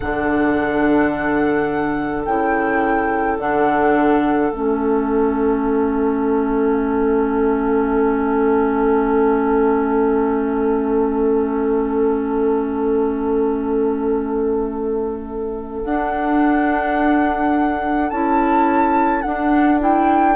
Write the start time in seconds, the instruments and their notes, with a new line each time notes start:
0.00 bassoon D3, clarinet D4, oboe A4, flute F#5
2.25 bassoon C#3, clarinet E4, flute G5
3.37 bassoon D3, clarinet D4, flute F#5
4.52 bassoon A3, clarinet C#4, flute E5
15.84 bassoon D4, clarinet D4, flute F#5
18.09 bassoon C#4, clarinet E4, flute A5
19.21 clarinet D4, bassoon D4, flute F#5
19.79 clarinet E4, flute G5